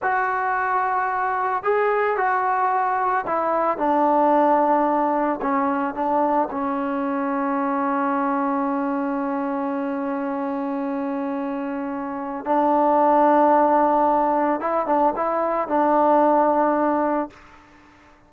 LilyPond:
\new Staff \with { instrumentName = "trombone" } { \time 4/4 \tempo 4 = 111 fis'2. gis'4 | fis'2 e'4 d'4~ | d'2 cis'4 d'4 | cis'1~ |
cis'1~ | cis'2. d'4~ | d'2. e'8 d'8 | e'4 d'2. | }